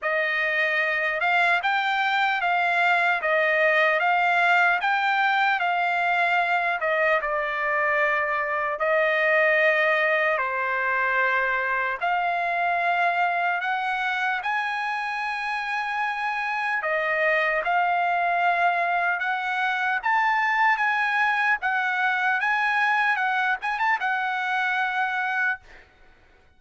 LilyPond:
\new Staff \with { instrumentName = "trumpet" } { \time 4/4 \tempo 4 = 75 dis''4. f''8 g''4 f''4 | dis''4 f''4 g''4 f''4~ | f''8 dis''8 d''2 dis''4~ | dis''4 c''2 f''4~ |
f''4 fis''4 gis''2~ | gis''4 dis''4 f''2 | fis''4 a''4 gis''4 fis''4 | gis''4 fis''8 gis''16 a''16 fis''2 | }